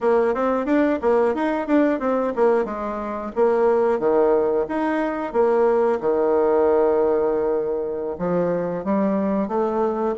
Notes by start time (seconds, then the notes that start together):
0.01 A#3
0.34 C4
0.65 D4
1.02 A#3
1.35 D#4
1.67 D4
1.99 C4
2.35 A#3
2.65 G#3
3.35 A#3
3.99 D#3
4.68 D#4
5.32 A#3
6.00 D#3
8.18 F3
8.84 G3
9.48 A3